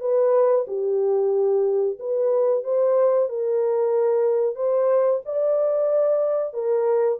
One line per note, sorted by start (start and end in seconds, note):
0.00 0.65 B4
0.67 1.98 G4
1.99 2.63 B4
2.63 3.28 C5
3.28 4.55 A#4
4.55 5.21 C5
5.25 6.53 D5
6.53 7.18 A#4